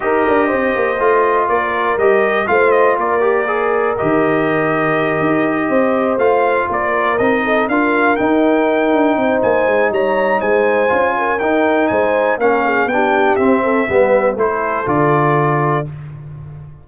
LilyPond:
<<
  \new Staff \with { instrumentName = "trumpet" } { \time 4/4 \tempo 4 = 121 dis''2. d''4 | dis''4 f''8 dis''8 d''2 | dis''1~ | dis''8 f''4 d''4 dis''4 f''8~ |
f''8 g''2~ g''8 gis''4 | ais''4 gis''2 g''4 | gis''4 f''4 g''4 e''4~ | e''4 c''4 d''2 | }
  \new Staff \with { instrumentName = "horn" } { \time 4/4 ais'4 c''2 ais'4~ | ais'4 c''4 ais'2~ | ais'2.~ ais'8 c''8~ | c''4. ais'4. a'8 ais'8~ |
ais'2~ ais'8 c''4. | cis''4 c''4. ais'4. | c''4 ais'8 gis'8 g'4. a'8 | b'4 a'2. | }
  \new Staff \with { instrumentName = "trombone" } { \time 4/4 g'2 f'2 | g'4 f'4. g'8 gis'4 | g'1~ | g'8 f'2 dis'4 f'8~ |
f'8 dis'2.~ dis'8~ | dis'2 f'4 dis'4~ | dis'4 cis'4 d'4 c'4 | b4 e'4 f'2 | }
  \new Staff \with { instrumentName = "tuba" } { \time 4/4 dis'8 d'8 c'8 ais8 a4 ais4 | g4 a4 ais2 | dis2~ dis8 dis'4 c'8~ | c'8 a4 ais4 c'4 d'8~ |
d'8 dis'4. d'8 c'8 ais8 gis8 | g4 gis4 cis'4 dis'4 | gis4 ais4 b4 c'4 | g4 a4 d2 | }
>>